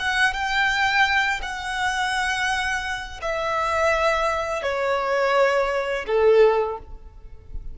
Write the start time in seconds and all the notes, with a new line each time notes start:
0.00 F#5
0.34 G5
1.43 F#5
3.22 E5
4.63 C#5
6.07 A4